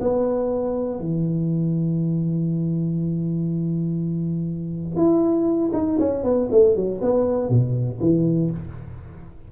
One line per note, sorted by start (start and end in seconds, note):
0.00 0.99 B3
0.99 4.96 E3
4.96 5.71 E4
5.73 5.98 D#4
5.99 6.23 C#4
6.23 6.48 B3
6.51 6.75 A3
6.75 7.00 F#3
7.01 7.49 B3
7.49 7.99 B2
8.00 8.50 E3